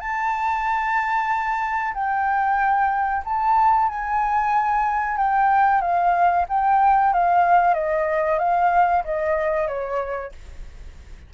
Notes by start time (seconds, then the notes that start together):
0.00 A5
1.94 G5
3.25 A5
3.88 G#5
5.17 G5
5.81 F5
6.49 G5
7.13 F5
7.74 D#5
8.39 F5
9.04 D#5
9.67 C#5